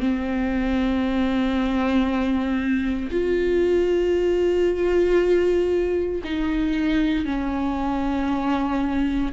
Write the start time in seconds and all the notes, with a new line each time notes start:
0.00 C4
3.11 F4
6.24 D#4
7.26 C#4